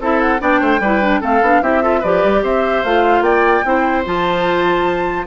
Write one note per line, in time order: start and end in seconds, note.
0.00 0.41 C4
0.00 0.40 E4
0.00 0.41 A4
0.00 0.21 E5
0.21 0.41 F#5
0.40 0.61 B3
0.40 0.80 D4
0.40 0.61 D5
0.40 1.23 G5
0.61 0.80 A3
0.61 0.81 C5
0.80 1.20 G3
0.80 1.02 E4
0.80 1.21 B4
1.02 1.21 D4
1.21 1.42 A3
1.21 1.42 C4
1.21 1.61 A4
1.21 1.63 F5
1.42 1.62 B3
1.42 1.63 D4
1.62 2.02 C4
1.62 1.82 E4
1.62 1.83 G4
1.62 2.03 E5
1.82 2.02 F4
1.82 2.00 A4
2.00 2.24 F3
2.00 2.85 G4
2.00 2.41 B4
2.00 2.44 D5
2.24 2.43 G3
2.43 2.84 C4
2.43 3.24 C5
2.43 2.84 E5
2.84 3.21 A3
2.84 3.64 F4
2.84 3.23 F5
3.21 3.62 A#3
3.21 3.64 D5
3.21 4.04 G5
3.64 4.06 C4
3.64 4.05 E4
3.64 5.27 C5
4.05 5.27 F3
4.05 5.27 F4
4.05 5.27 A5